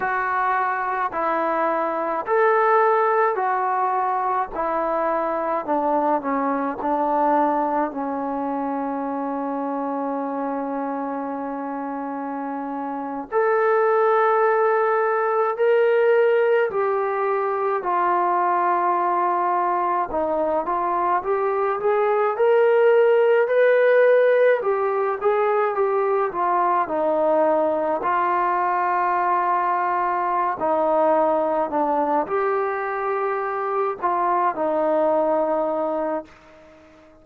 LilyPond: \new Staff \with { instrumentName = "trombone" } { \time 4/4 \tempo 4 = 53 fis'4 e'4 a'4 fis'4 | e'4 d'8 cis'8 d'4 cis'4~ | cis'2.~ cis'8. a'16~ | a'4.~ a'16 ais'4 g'4 f'16~ |
f'4.~ f'16 dis'8 f'8 g'8 gis'8 ais'16~ | ais'8. b'4 g'8 gis'8 g'8 f'8 dis'16~ | dis'8. f'2~ f'16 dis'4 | d'8 g'4. f'8 dis'4. | }